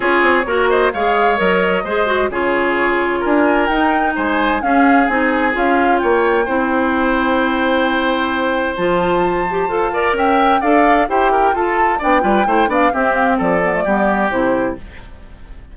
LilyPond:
<<
  \new Staff \with { instrumentName = "flute" } { \time 4/4 \tempo 4 = 130 cis''4. dis''8 f''4 dis''4~ | dis''4 cis''2 gis''4 | g''4 gis''4 f''4 gis''4 | f''4 g''2.~ |
g''2. a''4~ | a''2 g''4 f''4 | g''4 a''4 g''4. f''8 | e''8 f''8 d''2 c''4 | }
  \new Staff \with { instrumentName = "oboe" } { \time 4/4 gis'4 ais'8 c''8 cis''2 | c''4 gis'2 ais'4~ | ais'4 c''4 gis'2~ | gis'4 cis''4 c''2~ |
c''1~ | c''4. d''8 e''4 d''4 | c''8 ais'8 a'4 d''8 b'8 c''8 d''8 | g'4 a'4 g'2 | }
  \new Staff \with { instrumentName = "clarinet" } { \time 4/4 f'4 fis'4 gis'4 ais'4 | gis'8 fis'8 f'2. | dis'2 cis'4 dis'4 | f'2 e'2~ |
e'2. f'4~ | f'8 g'8 a'8 ais'4. a'4 | g'4 f'4 d'8 f'8 e'8 d'8 | c'4. b16 a16 b4 e'4 | }
  \new Staff \with { instrumentName = "bassoon" } { \time 4/4 cis'8 c'8 ais4 gis4 fis4 | gis4 cis2 d'4 | dis'4 gis4 cis'4 c'4 | cis'4 ais4 c'2~ |
c'2. f4~ | f4 f'4 cis'4 d'4 | e'4 f'4 b8 g8 a8 b8 | c'4 f4 g4 c4 | }
>>